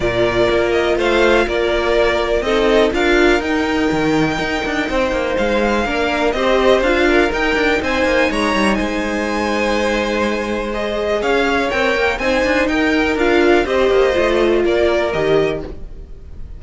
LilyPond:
<<
  \new Staff \with { instrumentName = "violin" } { \time 4/4 \tempo 4 = 123 d''4. dis''8 f''4 d''4~ | d''4 dis''4 f''4 g''4~ | g''2. f''4~ | f''4 dis''4 f''4 g''4 |
gis''4 ais''4 gis''2~ | gis''2 dis''4 f''4 | g''4 gis''4 g''4 f''4 | dis''2 d''4 dis''4 | }
  \new Staff \with { instrumentName = "violin" } { \time 4/4 ais'2 c''4 ais'4~ | ais'4 a'4 ais'2~ | ais'2 c''2 | ais'4 c''4. ais'4. |
c''4 cis''4 c''2~ | c''2. cis''4~ | cis''4 c''4 ais'2 | c''2 ais'2 | }
  \new Staff \with { instrumentName = "viola" } { \time 4/4 f'1~ | f'4 dis'4 f'4 dis'4~ | dis'1 | d'4 g'4 f'4 dis'4~ |
dis'1~ | dis'2 gis'2 | ais'4 dis'2 f'4 | g'4 f'2 g'4 | }
  \new Staff \with { instrumentName = "cello" } { \time 4/4 ais,4 ais4 a4 ais4~ | ais4 c'4 d'4 dis'4 | dis4 dis'8 d'8 c'8 ais8 gis4 | ais4 c'4 d'4 dis'8 d'8 |
c'8 ais8 gis8 g8 gis2~ | gis2. cis'4 | c'8 ais8 c'8 d'8 dis'4 d'4 | c'8 ais8 a4 ais4 dis4 | }
>>